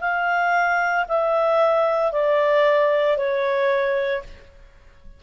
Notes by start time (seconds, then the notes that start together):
0.00 F5
1.08 E5
2.12 D5
3.17 C#5